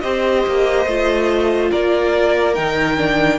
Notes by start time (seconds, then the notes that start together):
0.00 C4 G4 C5 D#5
0.47 A#3
0.86 A3 F4
1.70 A#3 A#4 D5
2.55 D#3 D#4 G5
2.97 D4